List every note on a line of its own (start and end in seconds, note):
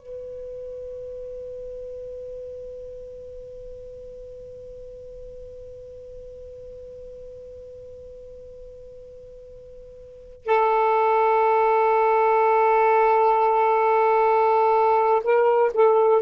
0.00 10.46 B4
10.46 15.22 A4
15.24 15.72 A#4
15.74 16.22 A4